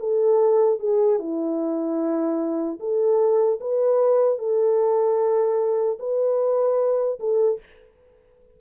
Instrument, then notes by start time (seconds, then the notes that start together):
horn
0.00 A4
0.80 G#4
1.20 E4
2.80 A4
3.61 B4
4.39 A4
6.00 B4
7.20 A4